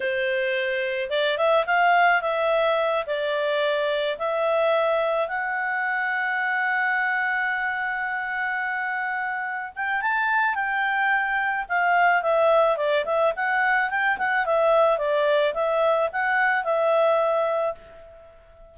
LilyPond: \new Staff \with { instrumentName = "clarinet" } { \time 4/4 \tempo 4 = 108 c''2 d''8 e''8 f''4 | e''4. d''2 e''8~ | e''4. fis''2~ fis''8~ | fis''1~ |
fis''4. g''8 a''4 g''4~ | g''4 f''4 e''4 d''8 e''8 | fis''4 g''8 fis''8 e''4 d''4 | e''4 fis''4 e''2 | }